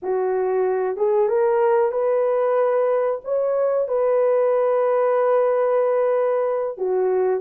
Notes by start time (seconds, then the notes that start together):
0.02 F#4
0.96 G#4
1.28 A#4
1.91 B4
3.24 C#5
3.88 B4
6.77 F#4